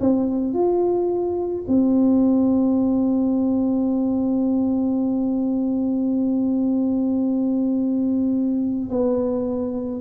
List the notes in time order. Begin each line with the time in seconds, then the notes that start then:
0.00 C4
0.54 F4
1.68 C4
8.89 B3